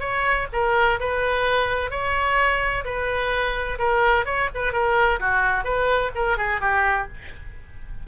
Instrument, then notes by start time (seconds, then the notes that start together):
oboe
0.00 C#5
0.52 A#4
1.00 B4
1.90 C#5
2.84 B4
3.79 A#4
4.25 C#5
4.54 B4
4.72 A#4
5.20 F#4
5.64 B4
6.15 A#4
6.37 G#4
6.61 G4